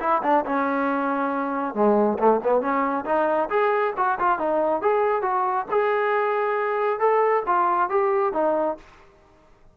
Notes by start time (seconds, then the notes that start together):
0.00 E4
0.23 D4
0.45 C#4
1.74 G#3
2.19 A3
2.43 B3
2.61 C#4
3.05 D#4
3.50 G#4
3.97 F#4
4.19 F4
4.39 D#4
4.82 G#4
5.22 F#4
5.71 G#4
7.00 A4
7.47 F4
7.90 G4
8.33 D#4